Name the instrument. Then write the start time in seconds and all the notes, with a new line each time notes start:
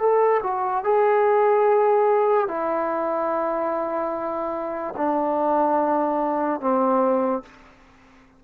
trombone
0.00 A4
0.43 F#4
0.84 G#4
2.48 E4
4.97 D4
6.61 C4